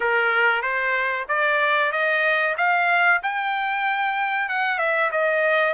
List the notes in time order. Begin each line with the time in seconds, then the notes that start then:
0.00 A#4
0.62 C5
1.28 D5
1.91 D#5
2.57 F5
3.22 G5
4.48 F#5
4.78 E5
5.11 D#5